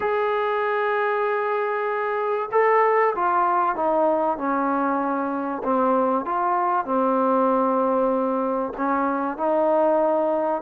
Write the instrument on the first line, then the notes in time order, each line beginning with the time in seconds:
trombone
0.00 G#4
2.51 A4
3.15 F4
3.75 D#4
4.37 C#4
5.63 C4
6.25 F4
6.85 C4
8.77 C#4
9.37 D#4